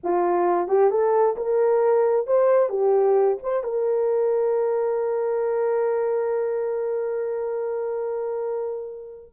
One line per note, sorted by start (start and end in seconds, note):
0.03 0.67 F4
0.67 0.90 G4
0.90 1.36 A4
1.36 2.26 A#4
2.26 2.69 C5
2.69 3.37 G4
3.42 3.63 C5
3.63 9.31 A#4